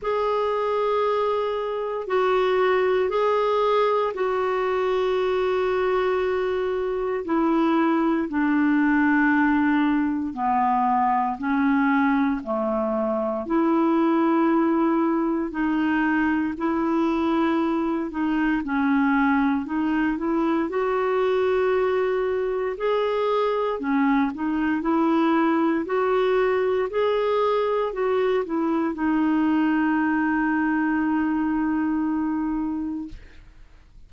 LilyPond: \new Staff \with { instrumentName = "clarinet" } { \time 4/4 \tempo 4 = 58 gis'2 fis'4 gis'4 | fis'2. e'4 | d'2 b4 cis'4 | a4 e'2 dis'4 |
e'4. dis'8 cis'4 dis'8 e'8 | fis'2 gis'4 cis'8 dis'8 | e'4 fis'4 gis'4 fis'8 e'8 | dis'1 | }